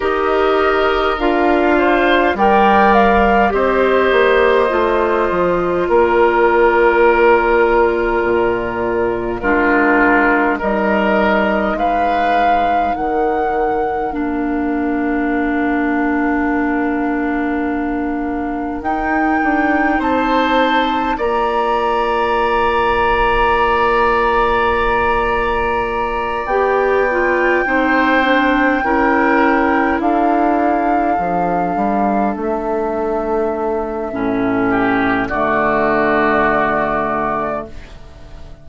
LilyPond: <<
  \new Staff \with { instrumentName = "flute" } { \time 4/4 \tempo 4 = 51 dis''4 f''4 g''8 f''8 dis''4~ | dis''4 d''2. | ais'4 dis''4 f''4 fis''4 | f''1 |
g''4 a''4 ais''2~ | ais''2~ ais''8 g''4.~ | g''4. f''2 e''8~ | e''2 d''2 | }
  \new Staff \with { instrumentName = "oboe" } { \time 4/4 ais'4. c''8 d''4 c''4~ | c''4 ais'2. | f'4 ais'4 b'4 ais'4~ | ais'1~ |
ais'4 c''4 d''2~ | d''2.~ d''8 c''8~ | c''8 ais'4 a'2~ a'8~ | a'4. g'8 fis'2 | }
  \new Staff \with { instrumentName = "clarinet" } { \time 4/4 g'4 f'4 ais'4 g'4 | f'1 | d'4 dis'2. | d'1 |
dis'2 f'2~ | f'2~ f'8 g'8 f'8 dis'8 | d'8 e'2 d'4.~ | d'4 cis'4 a2 | }
  \new Staff \with { instrumentName = "bassoon" } { \time 4/4 dis'4 d'4 g4 c'8 ais8 | a8 f8 ais2 ais,4 | gis4 g4 gis4 dis4 | ais1 |
dis'8 d'8 c'4 ais2~ | ais2~ ais8 b4 c'8~ | c'8 cis'4 d'4 f8 g8 a8~ | a4 a,4 d2 | }
>>